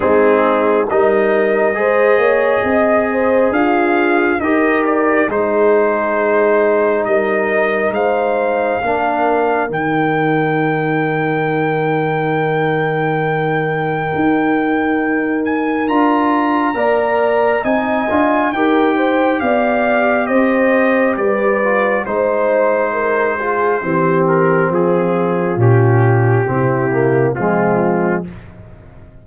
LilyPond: <<
  \new Staff \with { instrumentName = "trumpet" } { \time 4/4 \tempo 4 = 68 gis'4 dis''2. | f''4 dis''8 d''8 c''2 | dis''4 f''2 g''4~ | g''1~ |
g''4. gis''8 ais''2 | gis''4 g''4 f''4 dis''4 | d''4 c''2~ c''8 ais'8 | gis'4 g'2 f'4 | }
  \new Staff \with { instrumentName = "horn" } { \time 4/4 dis'4 ais'4 c''8 cis''8 dis''8 c''8 | f'4 ais'4 gis'2 | ais'4 c''4 ais'2~ | ais'1~ |
ais'2. d''4 | dis''4 ais'8 c''8 d''4 c''4 | b'4 c''4 ais'8 gis'8 g'4 | f'2 e'4 c'4 | }
  \new Staff \with { instrumentName = "trombone" } { \time 4/4 c'4 dis'4 gis'2~ | gis'4 g'4 dis'2~ | dis'2 d'4 dis'4~ | dis'1~ |
dis'2 f'4 ais'4 | dis'8 f'8 g'2.~ | g'8 f'8 dis'4. f'8 c'4~ | c'4 cis'4 c'8 ais8 gis4 | }
  \new Staff \with { instrumentName = "tuba" } { \time 4/4 gis4 g4 gis8 ais8 c'4 | d'4 dis'4 gis2 | g4 gis4 ais4 dis4~ | dis1 |
dis'2 d'4 ais4 | c'8 d'8 dis'4 b4 c'4 | g4 gis2 e4 | f4 ais,4 c4 f4 | }
>>